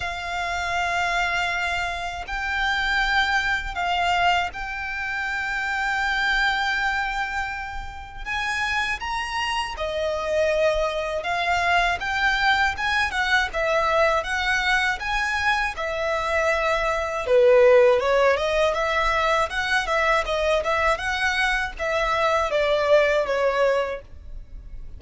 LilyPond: \new Staff \with { instrumentName = "violin" } { \time 4/4 \tempo 4 = 80 f''2. g''4~ | g''4 f''4 g''2~ | g''2. gis''4 | ais''4 dis''2 f''4 |
g''4 gis''8 fis''8 e''4 fis''4 | gis''4 e''2 b'4 | cis''8 dis''8 e''4 fis''8 e''8 dis''8 e''8 | fis''4 e''4 d''4 cis''4 | }